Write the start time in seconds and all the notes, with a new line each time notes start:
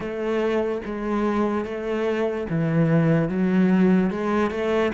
0.00 A3
0.85 G#3
1.64 A3
2.49 E3
3.28 F#3
4.10 G#3
4.51 A3